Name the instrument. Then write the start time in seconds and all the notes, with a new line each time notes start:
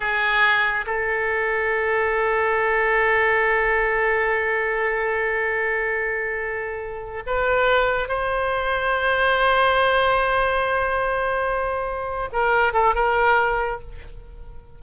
oboe
0.00 G#4
0.86 A4
7.26 B4
8.08 C5
12.32 A#4
12.73 A4
12.94 A#4